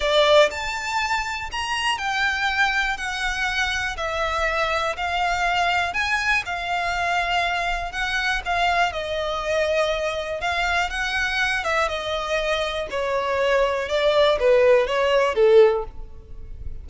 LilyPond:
\new Staff \with { instrumentName = "violin" } { \time 4/4 \tempo 4 = 121 d''4 a''2 ais''4 | g''2 fis''2 | e''2 f''2 | gis''4 f''2. |
fis''4 f''4 dis''2~ | dis''4 f''4 fis''4. e''8 | dis''2 cis''2 | d''4 b'4 cis''4 a'4 | }